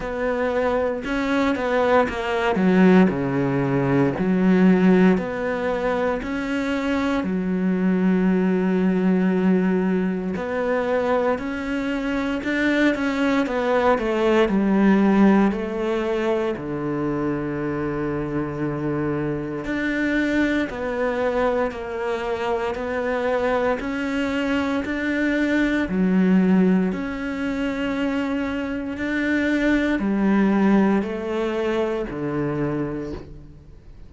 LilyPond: \new Staff \with { instrumentName = "cello" } { \time 4/4 \tempo 4 = 58 b4 cis'8 b8 ais8 fis8 cis4 | fis4 b4 cis'4 fis4~ | fis2 b4 cis'4 | d'8 cis'8 b8 a8 g4 a4 |
d2. d'4 | b4 ais4 b4 cis'4 | d'4 fis4 cis'2 | d'4 g4 a4 d4 | }